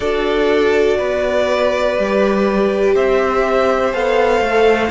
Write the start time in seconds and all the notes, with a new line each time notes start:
0.00 D4 F#4 A4 D5
0.98 B3 B4
1.97 G3 G4
2.95 C4 C5 E5
3.93 B3 A4 F5
4.40 A3